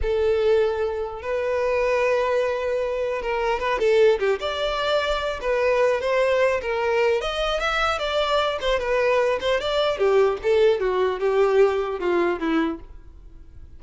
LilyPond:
\new Staff \with { instrumentName = "violin" } { \time 4/4 \tempo 4 = 150 a'2. b'4~ | b'1 | ais'4 b'8 a'4 g'8 d''4~ | d''4. b'4. c''4~ |
c''8 ais'4. dis''4 e''4 | d''4. c''8 b'4. c''8 | d''4 g'4 a'4 fis'4 | g'2 f'4 e'4 | }